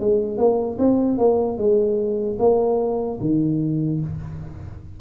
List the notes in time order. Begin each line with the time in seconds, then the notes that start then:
0.00 G#3
0.38 A#3
0.79 C4
1.18 A#3
1.58 G#3
2.39 A#3
3.20 D#3